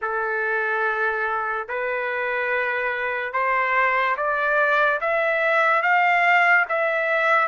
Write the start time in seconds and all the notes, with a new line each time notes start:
0.01 A4
1.68 B4
3.32 C5
4.16 D5
5.00 E5
5.82 F5
6.68 E5